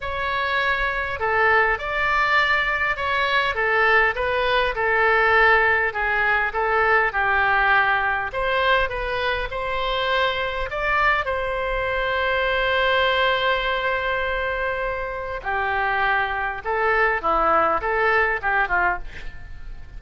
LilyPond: \new Staff \with { instrumentName = "oboe" } { \time 4/4 \tempo 4 = 101 cis''2 a'4 d''4~ | d''4 cis''4 a'4 b'4 | a'2 gis'4 a'4 | g'2 c''4 b'4 |
c''2 d''4 c''4~ | c''1~ | c''2 g'2 | a'4 e'4 a'4 g'8 f'8 | }